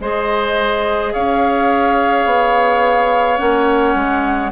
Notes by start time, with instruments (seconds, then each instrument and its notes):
0.00 bassoon G#3, clarinet G#4, oboe C5, flute D#5
1.13 bassoon C#4, oboe C#5, flute F5
2.25 bassoon B3
3.38 bassoon A#3, clarinet C#4, flute F#5
3.95 bassoon G#3